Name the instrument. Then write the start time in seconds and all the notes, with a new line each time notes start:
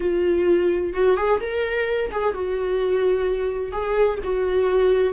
viola
0.00 F4
0.93 F#4
1.16 G#4
1.40 A#4
2.11 G#4
2.34 F#4
3.72 G#4
4.23 F#4